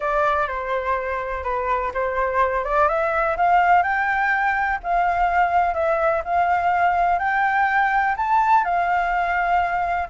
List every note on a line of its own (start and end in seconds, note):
0.00 0.47 D5
0.47 1.43 C5
1.43 1.91 B4
1.94 2.64 C5
2.64 2.88 D5
2.88 3.36 E5
3.36 3.82 F5
3.82 4.78 G5
4.83 5.74 F5
5.74 6.22 E5
6.24 7.19 F5
7.19 8.15 G5
8.16 8.64 A5
8.64 10.08 F5